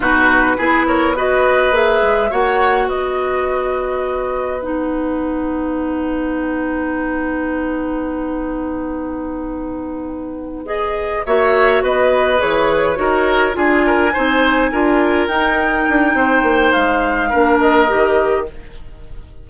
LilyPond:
<<
  \new Staff \with { instrumentName = "flute" } { \time 4/4 \tempo 4 = 104 b'4. cis''8 dis''4 e''4 | fis''4 dis''2. | fis''1~ | fis''1~ |
fis''2~ fis''8 dis''4 e''8~ | e''8 dis''4 cis''2 gis''8~ | gis''2~ gis''8 g''4.~ | g''4 f''4. dis''4. | }
  \new Staff \with { instrumentName = "oboe" } { \time 4/4 fis'4 gis'8 ais'8 b'2 | cis''4 b'2.~ | b'1~ | b'1~ |
b'2.~ b'8 cis''8~ | cis''8 b'2 ais'4 gis'8 | ais'8 c''4 ais'2~ ais'8 | c''2 ais'2 | }
  \new Staff \with { instrumentName = "clarinet" } { \time 4/4 dis'4 e'4 fis'4 gis'4 | fis'1 | dis'1~ | dis'1~ |
dis'2~ dis'8 gis'4 fis'8~ | fis'4. gis'4 fis'4 f'8~ | f'8 dis'4 f'4 dis'4.~ | dis'2 d'4 g'4 | }
  \new Staff \with { instrumentName = "bassoon" } { \time 4/4 b,4 b2 ais8 gis8 | ais4 b2.~ | b1~ | b1~ |
b2.~ b8 ais8~ | ais8 b4 e4 dis'4 d'8~ | d'8 c'4 d'4 dis'4 d'8 | c'8 ais8 gis4 ais4 dis4 | }
>>